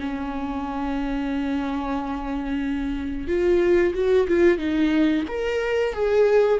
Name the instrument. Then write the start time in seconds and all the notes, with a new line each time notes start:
viola
0.00 C#4
3.28 F4
3.94 F#4
4.28 F4
4.58 D#4
5.28 A#4
5.93 G#4